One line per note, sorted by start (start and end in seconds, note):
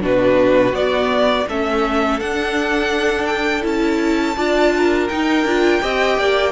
0.00 0.72 B2
0.00 0.72 D4
0.00 1.47 F#4
0.00 0.75 B4
0.72 1.45 B3
0.72 1.47 D5
1.48 2.20 A3
1.48 2.20 C#4
1.48 4.37 A4
1.48 2.20 E5
2.20 3.61 D4
2.20 3.64 D4
2.20 3.26 F#5
3.26 3.62 G5
3.61 4.37 C#4
3.61 4.34 E4
3.61 5.08 A5
4.36 5.09 D4
4.36 5.09 F4
4.36 4.73 D5
4.76 5.82 A#4
5.08 5.44 D#4
5.08 5.47 D#4
5.08 6.52 G5
5.44 5.80 D4
5.44 5.81 F4
5.81 6.18 C4
5.81 6.52 G4
5.81 6.18 D#5
6.18 6.52 A#3
6.18 6.52 D5